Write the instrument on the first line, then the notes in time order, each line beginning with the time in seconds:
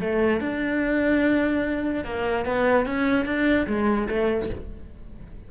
cello
0.00 A3
0.41 D4
2.04 A#3
2.45 B3
2.86 C#4
3.25 D4
3.67 G#3
4.09 A3